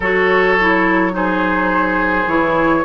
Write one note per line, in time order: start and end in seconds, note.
0.00 2.26 F#3
0.00 0.58 F#4
0.00 1.12 A4
0.00 1.15 C#5
0.60 1.11 E4
1.11 2.25 D#4
1.11 2.84 G#4
1.11 2.28 C5
2.26 2.83 E3
2.26 2.84 E4
2.26 2.84 C#5